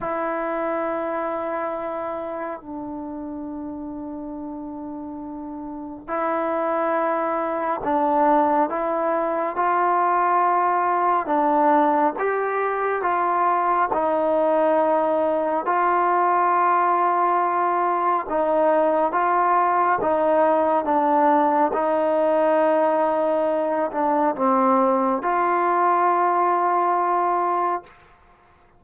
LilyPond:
\new Staff \with { instrumentName = "trombone" } { \time 4/4 \tempo 4 = 69 e'2. d'4~ | d'2. e'4~ | e'4 d'4 e'4 f'4~ | f'4 d'4 g'4 f'4 |
dis'2 f'2~ | f'4 dis'4 f'4 dis'4 | d'4 dis'2~ dis'8 d'8 | c'4 f'2. | }